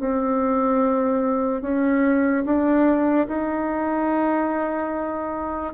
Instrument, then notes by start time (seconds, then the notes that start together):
bassoon
0.00 C4
1.62 C#4
2.45 D4
3.28 D#4